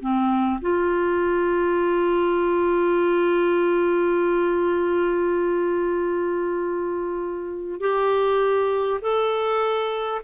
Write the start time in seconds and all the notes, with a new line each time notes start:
0.00 C4
0.61 F4
7.80 G4
9.01 A4